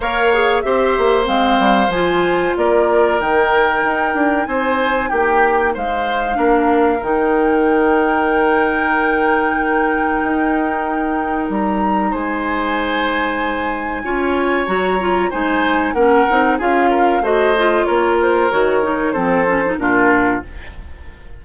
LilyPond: <<
  \new Staff \with { instrumentName = "flute" } { \time 4/4 \tempo 4 = 94 f''4 e''4 f''4 gis''4 | d''4 g''2 gis''4 | g''4 f''2 g''4~ | g''1~ |
g''2 ais''4 gis''4~ | gis''2. ais''4 | gis''4 fis''4 f''4 dis''4 | cis''8 c''8 cis''4 c''4 ais'4 | }
  \new Staff \with { instrumentName = "oboe" } { \time 4/4 cis''4 c''2. | ais'2. c''4 | g'4 c''4 ais'2~ | ais'1~ |
ais'2. c''4~ | c''2 cis''2 | c''4 ais'4 gis'8 ais'8 c''4 | ais'2 a'4 f'4 | }
  \new Staff \with { instrumentName = "clarinet" } { \time 4/4 ais'8 gis'8 g'4 c'4 f'4~ | f'4 dis'2.~ | dis'2 d'4 dis'4~ | dis'1~ |
dis'1~ | dis'2 f'4 fis'8 f'8 | dis'4 cis'8 dis'8 f'4 fis'8 f'8~ | f'4 fis'8 dis'8 c'8 cis'16 dis'16 d'4 | }
  \new Staff \with { instrumentName = "bassoon" } { \time 4/4 ais4 c'8 ais8 gis8 g8 f4 | ais4 dis4 dis'8 d'8 c'4 | ais4 gis4 ais4 dis4~ | dis1 |
dis'2 g4 gis4~ | gis2 cis'4 fis4 | gis4 ais8 c'8 cis'4 a4 | ais4 dis4 f4 ais,4 | }
>>